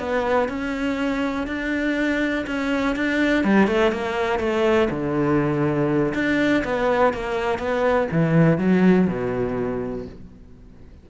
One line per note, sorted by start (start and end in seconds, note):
0.00 0.49 B3
0.49 1.47 C#4
1.47 2.46 D4
2.47 2.96 C#4
2.96 3.45 D4
3.45 3.68 G3
3.68 3.92 A3
3.92 4.39 A#3
4.39 4.89 A3
4.91 6.14 D3
6.15 6.64 D4
6.65 7.14 B3
7.14 7.59 A#3
7.59 8.08 B3
8.12 8.59 E3
8.59 9.08 F#3
9.08 10.06 B2